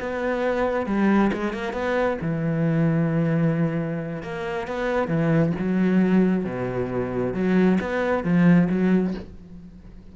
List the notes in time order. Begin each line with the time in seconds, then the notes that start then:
0.00 B3
0.86 G3
1.33 G#3
1.53 A#3
1.73 B3
2.21 E3
4.23 A#3
4.68 B3
5.08 E3
5.59 F#3
6.45 B2
7.34 F#3
7.81 B3
8.24 F3
8.70 F#3